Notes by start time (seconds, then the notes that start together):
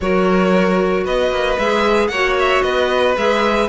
0.00 F#3 F#4 A#4 C#5
1.04 B3 B4 D#5
1.30 A#3
1.58 G#3 G#4 E5
2.07 A#3 C#5 F#5
2.13 F#4
2.39 E5
2.62 B3 B4 D#5
3.15 G#3 G#4 E5